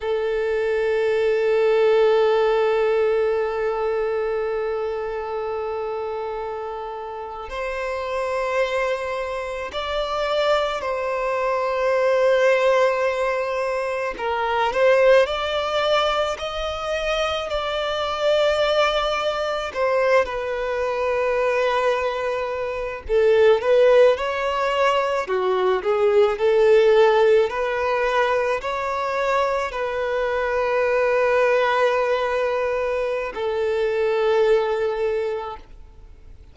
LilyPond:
\new Staff \with { instrumentName = "violin" } { \time 4/4 \tempo 4 = 54 a'1~ | a'2~ a'8. c''4~ c''16~ | c''8. d''4 c''2~ c''16~ | c''8. ais'8 c''8 d''4 dis''4 d''16~ |
d''4.~ d''16 c''8 b'4.~ b'16~ | b'8. a'8 b'8 cis''4 fis'8 gis'8 a'16~ | a'8. b'4 cis''4 b'4~ b'16~ | b'2 a'2 | }